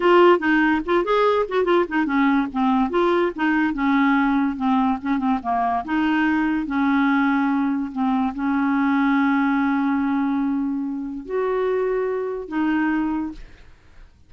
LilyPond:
\new Staff \with { instrumentName = "clarinet" } { \time 4/4 \tempo 4 = 144 f'4 dis'4 f'8 gis'4 fis'8 | f'8 dis'8 cis'4 c'4 f'4 | dis'4 cis'2 c'4 | cis'8 c'8 ais4 dis'2 |
cis'2. c'4 | cis'1~ | cis'2. fis'4~ | fis'2 dis'2 | }